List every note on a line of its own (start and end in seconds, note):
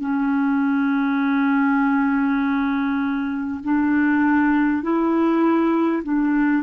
0.00 3.60 C#4
3.63 4.83 D4
4.83 6.03 E4
6.03 6.63 D4